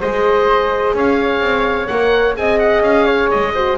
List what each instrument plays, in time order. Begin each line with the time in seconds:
0.00 double bass G#3, horn G#4, flute C5, oboe D#5
0.94 double bass C#4, flute C#5, oboe F5
1.41 double bass C4
1.87 double bass A#3, horn A#4, oboe F#5
2.34 double bass C4, horn G#4, flute D#5, oboe G#5
2.59 oboe F#5
2.81 double bass C#4, oboe F5
3.05 flute C#5
3.31 double bass G#3, oboe D#5
3.55 horn F#4, flute C5